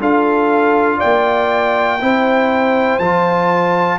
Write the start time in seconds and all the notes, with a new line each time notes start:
0.00 D4 F4 A4 F5
0.98 D5 G5
1.04 A#3
2.01 C4 E4 C5
2.99 F3 F4 A5